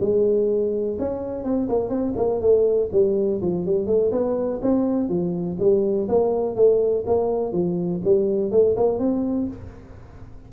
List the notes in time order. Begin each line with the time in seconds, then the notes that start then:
0.00 G#3
0.99 C#4
1.44 C4
1.69 A#3
1.89 C4
2.16 A#3
2.41 A3
2.92 G3
3.42 F3
3.66 G3
3.86 A3
4.12 B3
4.62 C4
5.09 F3
5.59 G3
6.08 A#3
6.56 A3
7.06 A#3
7.53 F3
8.04 G3
8.51 A3
8.76 A#3
8.99 C4